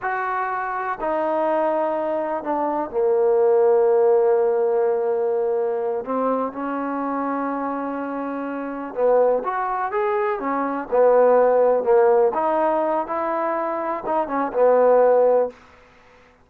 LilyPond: \new Staff \with { instrumentName = "trombone" } { \time 4/4 \tempo 4 = 124 fis'2 dis'2~ | dis'4 d'4 ais2~ | ais1~ | ais8 c'4 cis'2~ cis'8~ |
cis'2~ cis'8 b4 fis'8~ | fis'8 gis'4 cis'4 b4.~ | b8 ais4 dis'4. e'4~ | e'4 dis'8 cis'8 b2 | }